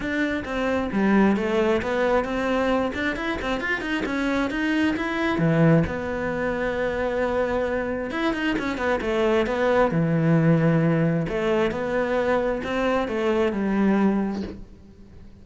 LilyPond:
\new Staff \with { instrumentName = "cello" } { \time 4/4 \tempo 4 = 133 d'4 c'4 g4 a4 | b4 c'4. d'8 e'8 c'8 | f'8 dis'8 cis'4 dis'4 e'4 | e4 b2.~ |
b2 e'8 dis'8 cis'8 b8 | a4 b4 e2~ | e4 a4 b2 | c'4 a4 g2 | }